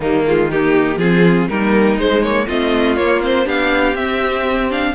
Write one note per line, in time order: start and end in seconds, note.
0.00 0.96 D#3
0.00 0.26 G3
0.00 0.49 A#3
0.00 0.25 D#4
0.26 0.50 G#3
0.26 0.51 F4
0.51 1.00 A#3
0.51 0.99 D#4
0.51 0.98 G4
0.96 1.46 F3
0.96 1.49 C4
0.96 1.48 F4
0.96 1.47 G#4
1.48 1.96 G3
1.48 1.98 A#3
1.48 2.46 D#4
1.48 1.98 A#4
1.96 2.46 G#3
1.96 2.23 G#3
1.96 2.23 C5
2.23 2.48 A#3
2.23 2.47 C#5
2.46 2.97 A3
2.46 2.97 C4
2.46 3.44 F4
2.46 2.96 D#5
2.96 3.20 A#3
2.96 3.46 A#3
2.96 3.21 C#5
3.20 3.44 C4
3.20 3.48 C5
3.44 3.94 B3
3.44 3.94 D4
3.44 4.93 G4
3.44 3.95 F5
3.94 4.93 C4
3.94 4.70 C4
3.94 4.70 E5
4.70 4.94 D4
4.70 4.95 F5